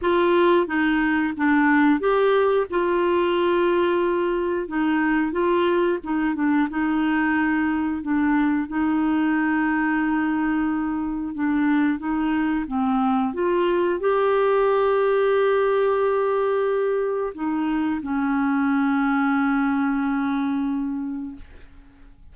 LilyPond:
\new Staff \with { instrumentName = "clarinet" } { \time 4/4 \tempo 4 = 90 f'4 dis'4 d'4 g'4 | f'2. dis'4 | f'4 dis'8 d'8 dis'2 | d'4 dis'2.~ |
dis'4 d'4 dis'4 c'4 | f'4 g'2.~ | g'2 dis'4 cis'4~ | cis'1 | }